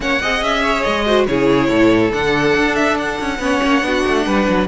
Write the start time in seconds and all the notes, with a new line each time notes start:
0.00 A#3 C#4 C#5 F#5
0.21 C4 G#4 D#5
0.41 C#4 E5
0.62 C#5
0.82 G#3 D#5
1.06 F#4 C5
1.27 C#3 E4 G#4 C#5
1.68 A2 A4
2.11 D3 D4 F#5
2.55 D4
2.75 E5
2.97 F#5
3.20 C#4
3.38 B3 C#4 C#5
3.62 A#3
3.81 B3 D4 F#4
4.07 A3
4.26 G3 B4
4.48 F#3